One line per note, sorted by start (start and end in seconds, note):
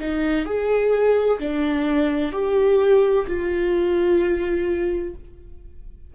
0.00 0.46 D#4
0.46 1.39 G#4
1.40 2.33 D4
2.33 3.26 G4
3.27 5.15 F4